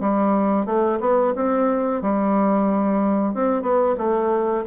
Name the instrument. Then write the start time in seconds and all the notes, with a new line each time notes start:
bassoon
0.00 G3
0.65 A3
1.00 B3
1.35 C4
2.02 G3
3.34 C4
3.62 B3
3.98 A3